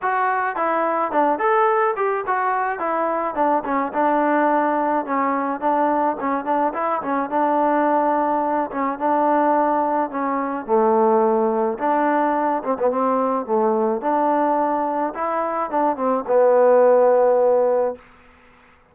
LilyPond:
\new Staff \with { instrumentName = "trombone" } { \time 4/4 \tempo 4 = 107 fis'4 e'4 d'8 a'4 g'8 | fis'4 e'4 d'8 cis'8 d'4~ | d'4 cis'4 d'4 cis'8 d'8 | e'8 cis'8 d'2~ d'8 cis'8 |
d'2 cis'4 a4~ | a4 d'4. c'16 b16 c'4 | a4 d'2 e'4 | d'8 c'8 b2. | }